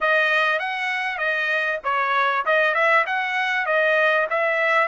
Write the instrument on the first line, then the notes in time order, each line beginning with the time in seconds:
trumpet
0.01 D#5
0.59 F#5
1.18 D#5
1.84 C#5
2.45 D#5
2.74 E5
3.06 F#5
3.65 D#5
4.30 E5